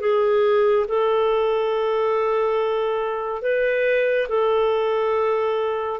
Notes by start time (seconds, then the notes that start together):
0.00 G#4
0.88 A4
3.42 B4
4.29 A4